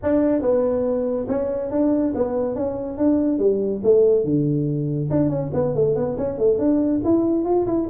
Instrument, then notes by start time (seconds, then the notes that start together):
tuba
0.02 D4
0.41 B3
1.28 C#4
1.70 D4
2.14 B3
2.55 C#4
2.97 D4
3.38 G3
3.83 A3
4.24 D3
5.10 D4
5.29 C#4
5.53 B3
5.74 A3
5.95 B3
6.17 C#4
6.37 A3
6.58 D4
7.04 E4
7.44 F4
7.66 E4